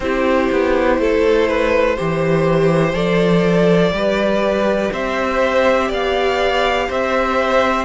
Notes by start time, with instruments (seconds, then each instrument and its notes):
0.00 cello C4, viola E4, violin G4 C5
0.52 cello B3
0.98 cello A3, violin A4
1.48 violin B4
1.95 cello E3, viola G4, violin C5
2.93 cello F3, viola A4, violin D5
3.92 cello G3, viola G4, violin B4
4.92 cello C4, violin C5 E5
5.87 cello B3, violin D5 F5
6.88 cello C4, violin C5 E5